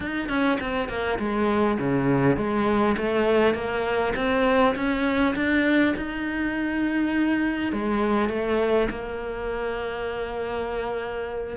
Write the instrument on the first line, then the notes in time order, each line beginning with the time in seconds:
cello
0.00 D#4
0.28 C#4
0.60 C4
0.88 A#3
1.18 G#3
1.78 C#3
2.36 G#3
2.97 A3
3.54 A#3
4.16 C4
4.75 C#4
5.35 D4
5.96 D#4
7.72 G#3
8.29 A3
8.90 A#3